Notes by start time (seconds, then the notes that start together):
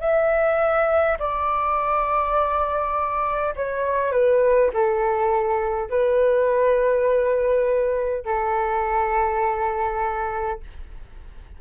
0.00 E5
1.19 D5
3.56 C#5
4.12 B4
4.73 A4
5.89 B4
8.25 A4